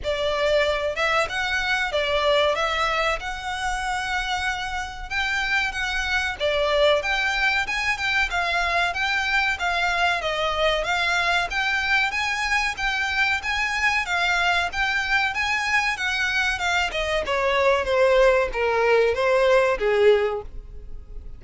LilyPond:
\new Staff \with { instrumentName = "violin" } { \time 4/4 \tempo 4 = 94 d''4. e''8 fis''4 d''4 | e''4 fis''2. | g''4 fis''4 d''4 g''4 | gis''8 g''8 f''4 g''4 f''4 |
dis''4 f''4 g''4 gis''4 | g''4 gis''4 f''4 g''4 | gis''4 fis''4 f''8 dis''8 cis''4 | c''4 ais'4 c''4 gis'4 | }